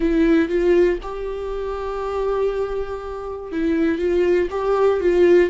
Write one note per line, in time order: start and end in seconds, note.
0.00 0.48 E4
0.48 0.98 F4
1.02 3.52 G4
3.52 3.98 E4
3.98 4.48 F4
4.50 5.00 G4
5.00 5.50 F4